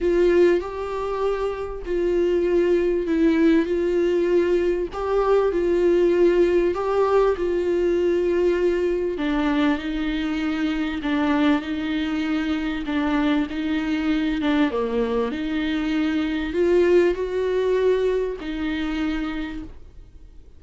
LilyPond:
\new Staff \with { instrumentName = "viola" } { \time 4/4 \tempo 4 = 98 f'4 g'2 f'4~ | f'4 e'4 f'2 | g'4 f'2 g'4 | f'2. d'4 |
dis'2 d'4 dis'4~ | dis'4 d'4 dis'4. d'8 | ais4 dis'2 f'4 | fis'2 dis'2 | }